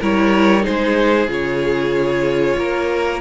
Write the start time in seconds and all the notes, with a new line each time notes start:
0.00 G3 E4 A#4 C#5
0.61 D#4 G#4 C5
0.68 G#3
1.28 C#3 F4 C#5
2.57 A#3 A#4